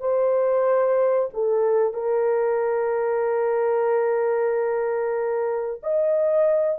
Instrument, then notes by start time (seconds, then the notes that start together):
horn
0.00 C5
1.33 A4
1.94 A#4
5.83 D#5